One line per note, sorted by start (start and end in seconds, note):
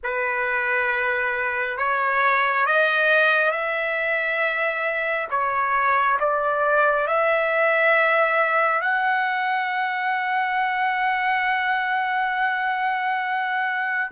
0.03 1.77 B4
1.77 2.66 C#5
2.66 3.51 D#5
3.51 5.27 E5
5.30 6.18 C#5
6.19 7.07 D5
7.07 8.81 E5
8.81 14.11 F#5